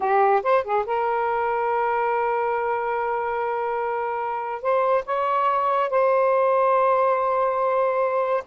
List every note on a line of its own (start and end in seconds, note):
0.00 0.42 G4
0.42 0.63 C5
0.64 0.85 G#4
0.85 4.62 A#4
4.62 5.04 C5
5.05 5.89 C#5
5.89 8.43 C5